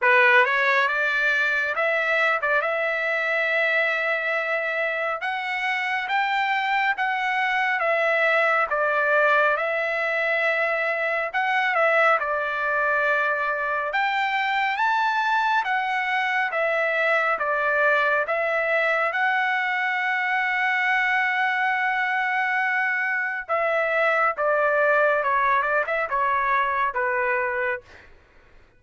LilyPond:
\new Staff \with { instrumentName = "trumpet" } { \time 4/4 \tempo 4 = 69 b'8 cis''8 d''4 e''8. d''16 e''4~ | e''2 fis''4 g''4 | fis''4 e''4 d''4 e''4~ | e''4 fis''8 e''8 d''2 |
g''4 a''4 fis''4 e''4 | d''4 e''4 fis''2~ | fis''2. e''4 | d''4 cis''8 d''16 e''16 cis''4 b'4 | }